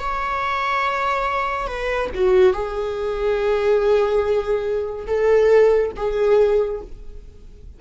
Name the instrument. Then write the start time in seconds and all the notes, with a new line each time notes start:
viola
0.00 C#5
1.67 B4
2.15 F#4
2.53 G#4
5.07 A4
5.97 G#4